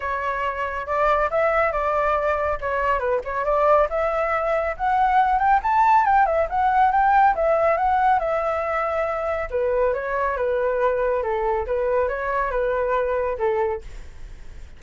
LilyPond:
\new Staff \with { instrumentName = "flute" } { \time 4/4 \tempo 4 = 139 cis''2 d''4 e''4 | d''2 cis''4 b'8 cis''8 | d''4 e''2 fis''4~ | fis''8 g''8 a''4 g''8 e''8 fis''4 |
g''4 e''4 fis''4 e''4~ | e''2 b'4 cis''4 | b'2 a'4 b'4 | cis''4 b'2 a'4 | }